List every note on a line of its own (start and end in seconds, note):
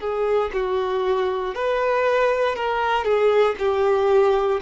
0.00 0.51 G#4
0.54 1.55 F#4
1.55 2.56 B4
2.56 3.05 A#4
3.05 3.56 G#4
3.59 4.61 G4